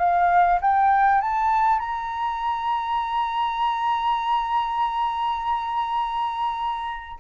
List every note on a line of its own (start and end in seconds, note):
0.00 0.60 F5
0.62 1.21 G5
1.21 1.79 A5
1.79 7.19 A#5